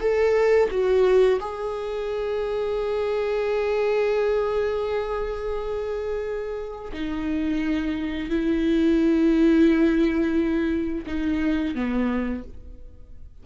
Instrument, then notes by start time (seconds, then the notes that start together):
viola
0.00 A4
0.71 F#4
1.40 G#4
6.93 D#4
8.29 E4
11.06 D#4
11.75 B3